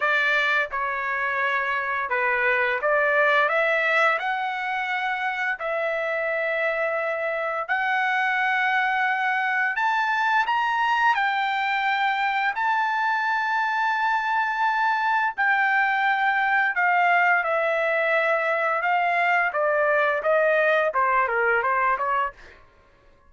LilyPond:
\new Staff \with { instrumentName = "trumpet" } { \time 4/4 \tempo 4 = 86 d''4 cis''2 b'4 | d''4 e''4 fis''2 | e''2. fis''4~ | fis''2 a''4 ais''4 |
g''2 a''2~ | a''2 g''2 | f''4 e''2 f''4 | d''4 dis''4 c''8 ais'8 c''8 cis''8 | }